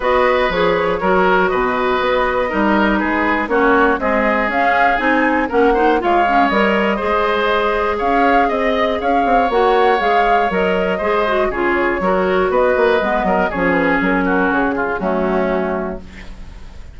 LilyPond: <<
  \new Staff \with { instrumentName = "flute" } { \time 4/4 \tempo 4 = 120 dis''4 cis''2 dis''4~ | dis''2 b'4 cis''4 | dis''4 f''4 gis''4 fis''4 | f''4 dis''2. |
f''4 dis''4 f''4 fis''4 | f''4 dis''2 cis''4~ | cis''4 dis''2 cis''8 b'8 | ais'4 gis'4 fis'2 | }
  \new Staff \with { instrumentName = "oboe" } { \time 4/4 b'2 ais'4 b'4~ | b'4 ais'4 gis'4 fis'4 | gis'2. ais'8 c''8 | cis''2 c''2 |
cis''4 dis''4 cis''2~ | cis''2 c''4 gis'4 | ais'4 b'4. ais'8 gis'4~ | gis'8 fis'4 f'8 cis'2 | }
  \new Staff \with { instrumentName = "clarinet" } { \time 4/4 fis'4 gis'4 fis'2~ | fis'4 dis'2 cis'4 | gis4 cis'4 dis'4 cis'8 dis'8 | f'8 cis'8 ais'4 gis'2~ |
gis'2. fis'4 | gis'4 ais'4 gis'8 fis'8 f'4 | fis'2 b4 cis'4~ | cis'2 a2 | }
  \new Staff \with { instrumentName = "bassoon" } { \time 4/4 b4 f4 fis4 b,4 | b4 g4 gis4 ais4 | c'4 cis'4 c'4 ais4 | gis4 g4 gis2 |
cis'4 c'4 cis'8 c'8 ais4 | gis4 fis4 gis4 cis4 | fis4 b8 ais8 gis8 fis8 f4 | fis4 cis4 fis2 | }
>>